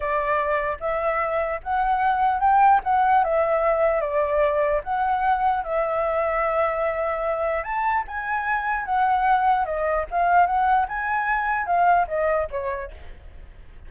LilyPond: \new Staff \with { instrumentName = "flute" } { \time 4/4 \tempo 4 = 149 d''2 e''2 | fis''2 g''4 fis''4 | e''2 d''2 | fis''2 e''2~ |
e''2. a''4 | gis''2 fis''2 | dis''4 f''4 fis''4 gis''4~ | gis''4 f''4 dis''4 cis''4 | }